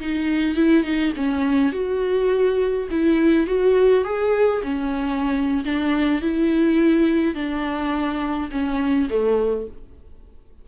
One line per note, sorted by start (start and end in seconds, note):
0.00 0.56 D#4
0.56 0.84 E4
0.84 1.13 D#4
1.16 1.73 C#4
1.73 2.88 F#4
2.91 3.47 E4
3.47 4.04 F#4
4.04 4.62 G#4
4.63 5.64 C#4
5.65 6.22 D4
6.22 7.35 E4
7.35 8.50 D4
8.51 9.09 C#4
9.10 9.67 A3